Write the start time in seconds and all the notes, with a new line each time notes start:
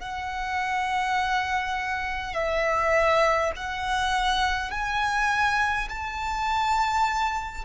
0.00 F#5
2.34 E5
3.56 F#5
4.71 G#5
5.89 A5